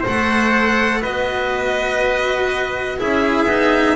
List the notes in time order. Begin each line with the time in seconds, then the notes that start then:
0.00 A3 A4 C5
0.07 F#5
1.01 B3 F#4 B4 D#5
2.98 C#4 E4 G#4 E5
3.45 B3 D#4